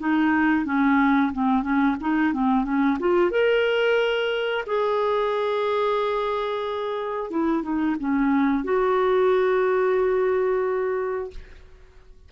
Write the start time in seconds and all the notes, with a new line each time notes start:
0.00 D#4
0.66 C#4
1.33 C4
1.63 C#4
2.01 D#4
2.34 C4
2.65 C#4
3.00 F4
3.31 A#4
4.67 G#4
7.31 E4
7.63 D#4
8.00 C#4
8.64 F#4